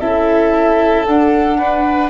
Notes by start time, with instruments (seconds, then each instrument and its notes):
0.00 tuba C#4, viola E4, violin A4, flute E5
1.05 tuba D4, viola D4, flute F#5
1.59 violin B4